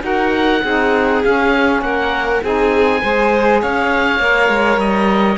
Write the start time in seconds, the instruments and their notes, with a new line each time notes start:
0.00 cello D#4, saxophone F#4, violin A#4, oboe F#5
0.64 cello C4, saxophone D#4, violin G#4
1.23 saxophone C#4, cello C#4, oboe F5
1.81 cello A#3, violin A#4, oboe F#5
2.42 cello C4, saxophone D#4, violin G#4, oboe G#5
3.01 cello G#3, saxophone G#4, violin C5
3.60 cello C#4, violin C#5, oboe F5
4.19 cello A#3, saxophone A#4
4.48 cello G#3
4.76 cello G3, oboe D#5